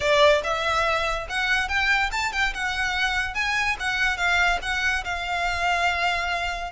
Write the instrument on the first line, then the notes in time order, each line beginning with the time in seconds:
violin
0.00 D5
0.43 E5
1.29 F#5
1.68 G5
2.11 A5
2.32 G5
2.53 F#5
3.34 G#5
3.79 F#5
4.17 F5
4.62 F#5
5.04 F5